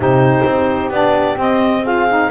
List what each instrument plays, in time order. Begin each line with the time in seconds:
0.00 double bass C3, saxophone D#4, horn G4, clarinet C5
0.45 double bass C4
0.90 double bass B3, saxophone D4, clarinet D5
1.36 saxophone C4, double bass C4, clarinet D#5
1.82 saxophone F4, horn G#4, clarinet F5
2.09 saxophone D#4